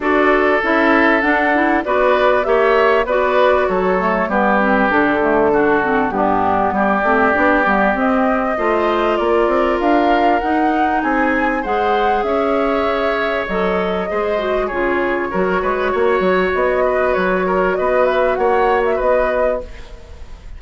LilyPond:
<<
  \new Staff \with { instrumentName = "flute" } { \time 4/4 \tempo 4 = 98 d''4 e''4 fis''4 d''4 | e''4 d''4 cis''4 b'4 | a'2 g'4 d''4~ | d''4 dis''2 d''4 |
f''4 fis''4 gis''4 fis''4 | e''2 dis''2 | cis''2. dis''4 | cis''4 dis''8 e''8 fis''8. e''16 dis''4 | }
  \new Staff \with { instrumentName = "oboe" } { \time 4/4 a'2. b'4 | cis''4 b'4 a'4 g'4~ | g'4 fis'4 d'4 g'4~ | g'2 c''4 ais'4~ |
ais'2 gis'4 c''4 | cis''2. c''4 | gis'4 ais'8 b'8 cis''4. b'8~ | b'8 ais'8 b'4 cis''4 b'4 | }
  \new Staff \with { instrumentName = "clarinet" } { \time 4/4 fis'4 e'4 d'8 e'8 fis'4 | g'4 fis'4. a8 b8 c'8 | d'8 a8 d'8 c'8 b4. c'8 | d'8 b8 c'4 f'2~ |
f'4 dis'2 gis'4~ | gis'2 a'4 gis'8 fis'8 | f'4 fis'2.~ | fis'1 | }
  \new Staff \with { instrumentName = "bassoon" } { \time 4/4 d'4 cis'4 d'4 b4 | ais4 b4 fis4 g4 | d2 g,4 g8 a8 | b8 g8 c'4 a4 ais8 c'8 |
d'4 dis'4 c'4 gis4 | cis'2 fis4 gis4 | cis4 fis8 gis8 ais8 fis8 b4 | fis4 b4 ais4 b4 | }
>>